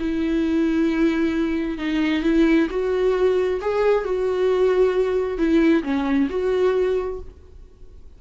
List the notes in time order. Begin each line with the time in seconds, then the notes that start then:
0.00 E4
1.78 D#4
2.23 E4
2.70 F#4
3.62 G#4
4.05 F#4
5.38 E4
5.84 C#4
6.30 F#4